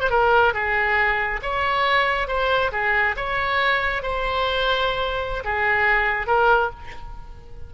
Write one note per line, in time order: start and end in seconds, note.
0.00 0.10 C5
0.10 0.53 A#4
0.53 1.40 G#4
1.42 2.27 C#5
2.27 2.71 C5
2.72 3.15 G#4
3.16 4.02 C#5
4.02 5.43 C5
5.44 6.26 G#4
6.26 6.70 A#4